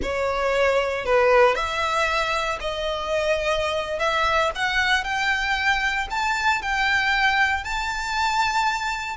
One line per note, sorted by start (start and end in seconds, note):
0.02 1.05 C#5
1.05 1.55 B4
1.55 2.58 E5
2.60 3.99 D#5
3.99 4.50 E5
4.55 5.04 F#5
5.04 6.07 G5
6.10 6.62 A5
6.62 7.63 G5
7.63 9.16 A5